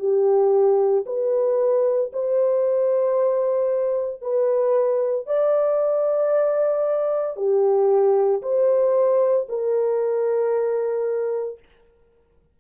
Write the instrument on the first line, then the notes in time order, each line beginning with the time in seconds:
horn
0.00 G4
1.07 B4
2.13 C5
4.22 B4
5.27 D5
7.37 G4
8.43 C5
9.49 A#4